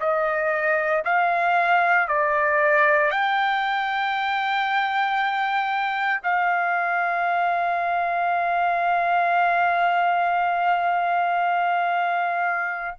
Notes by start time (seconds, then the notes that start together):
0.00 D#5
1.05 F5
2.08 D5
3.11 G5
6.24 F5